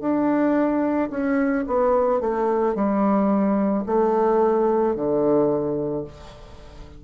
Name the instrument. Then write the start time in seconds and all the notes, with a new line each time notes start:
bassoon
0.00 D4
1.10 C#4
1.67 B3
2.20 A3
2.75 G3
3.86 A3
4.95 D3